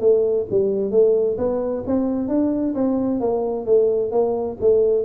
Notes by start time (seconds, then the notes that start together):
0.00 A3
0.50 G3
0.91 A3
1.38 B3
1.87 C4
2.28 D4
2.75 C4
3.20 A#3
3.66 A3
4.11 A#3
4.60 A3